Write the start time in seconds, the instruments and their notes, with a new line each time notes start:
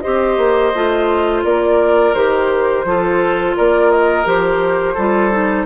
0.00 clarinet G4, oboe C5, flute D#5
0.06 bassoon C4
0.37 bassoon A#3
0.74 bassoon A3, clarinet F4
1.44 bassoon A#3, oboe A#4, flute D5
2.14 bassoon D#3, clarinet G4, flute C5
2.84 bassoon F3, clarinet F4, oboe A4
3.57 bassoon A#3, oboe A#4, flute D5
3.91 flute D#5
4.25 bassoon F3, clarinet G4, flute C5
4.94 bassoon G3, clarinet F4, oboe A4
5.31 clarinet D#4